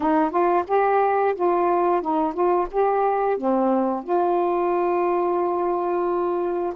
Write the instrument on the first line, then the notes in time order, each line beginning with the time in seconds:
saxophone
0.00 D#4
0.30 F4
0.67 G4
1.35 F4
2.01 D#4
2.33 F4
2.71 G4
3.37 C4
4.03 F4